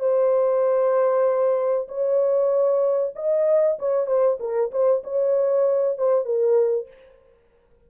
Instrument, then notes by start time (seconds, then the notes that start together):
horn
0.00 C5
1.88 C#5
3.15 D#5
3.79 C#5
4.07 C5
4.40 A#4
4.72 C5
5.04 C#5
5.98 C5
6.25 A#4